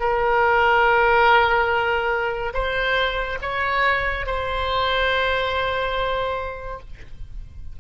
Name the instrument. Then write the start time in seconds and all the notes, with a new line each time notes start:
oboe
0.00 A#4
2.54 C5
3.42 C#5
4.27 C5